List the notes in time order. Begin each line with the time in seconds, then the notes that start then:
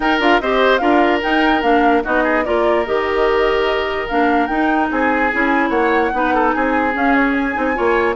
0.00 D#4 A#4 G5
0.19 D4 F4 F5
0.40 C4 G4 C5 D#5
0.77 D4 F4 A#4 F5
1.22 D#4 G5
1.62 A#3 D4 F5
2.04 B3 D#4 F#4 D#5
2.23 G#4
2.44 A#3 F4 A#4 D5
2.85 D#3 G4 D#5
4.08 A#3 D4 F5
4.46 D#4 G5
4.91 C4 G#4 G#5
5.32 C#4 E4
5.69 A#3 C#5 F#5
6.12 B3 D#4 B4
6.34 A4
6.51 C4 G#4 G#5
6.92 C#4 F5
7.15 C#5
7.32 G#5
7.53 C4 D#4
7.74 A#3 F4 C#5